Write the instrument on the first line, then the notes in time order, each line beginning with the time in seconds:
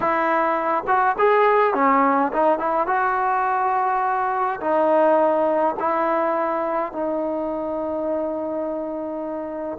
trombone
0.00 E4
0.87 F#4
1.18 G#4
1.74 C#4
2.32 D#4
2.58 E4
2.86 F#4
4.60 D#4
5.79 E4
6.92 D#4